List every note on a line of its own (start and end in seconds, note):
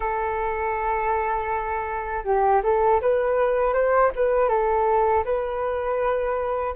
0.00 2.23 A4
2.24 2.61 G4
2.63 3.00 A4
3.01 3.73 B4
3.73 4.10 C5
4.15 4.48 B4
4.48 5.23 A4
5.24 6.74 B4